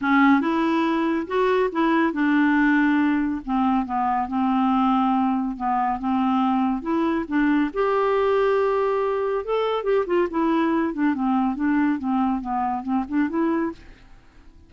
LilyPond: \new Staff \with { instrumentName = "clarinet" } { \time 4/4 \tempo 4 = 140 cis'4 e'2 fis'4 | e'4 d'2. | c'4 b4 c'2~ | c'4 b4 c'2 |
e'4 d'4 g'2~ | g'2 a'4 g'8 f'8 | e'4. d'8 c'4 d'4 | c'4 b4 c'8 d'8 e'4 | }